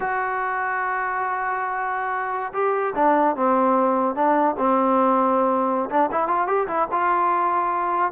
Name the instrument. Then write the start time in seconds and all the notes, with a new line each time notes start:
trombone
0.00 F#4
2.53 G4
2.95 D4
3.35 C4
4.15 D4
4.58 C4
5.89 D4
6.11 E4
6.27 F4
6.47 G4
6.67 E4
6.91 F4